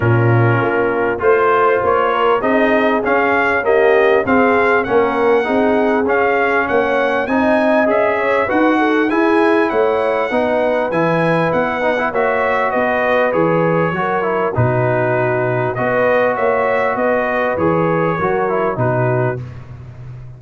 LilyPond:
<<
  \new Staff \with { instrumentName = "trumpet" } { \time 4/4 \tempo 4 = 99 ais'2 c''4 cis''4 | dis''4 f''4 dis''4 f''4 | fis''2 f''4 fis''4 | gis''4 e''4 fis''4 gis''4 |
fis''2 gis''4 fis''4 | e''4 dis''4 cis''2 | b'2 dis''4 e''4 | dis''4 cis''2 b'4 | }
  \new Staff \with { instrumentName = "horn" } { \time 4/4 f'2 c''4. ais'8 | gis'2 g'4 gis'4 | ais'4 gis'2 cis''4 | dis''4. cis''8 b'8 a'8 gis'4 |
cis''4 b'2. | cis''4 b'2 ais'4 | fis'2 b'4 cis''4 | b'2 ais'4 fis'4 | }
  \new Staff \with { instrumentName = "trombone" } { \time 4/4 cis'2 f'2 | dis'4 cis'4 ais4 c'4 | cis'4 dis'4 cis'2 | dis'4 gis'4 fis'4 e'4~ |
e'4 dis'4 e'4. dis'16 e'16 | fis'2 gis'4 fis'8 e'8 | dis'2 fis'2~ | fis'4 gis'4 fis'8 e'8 dis'4 | }
  \new Staff \with { instrumentName = "tuba" } { \time 4/4 ais,4 ais4 a4 ais4 | c'4 cis'2 c'4 | ais4 c'4 cis'4 ais4 | c'4 cis'4 dis'4 e'4 |
a4 b4 e4 b4 | ais4 b4 e4 fis4 | b,2 b4 ais4 | b4 e4 fis4 b,4 | }
>>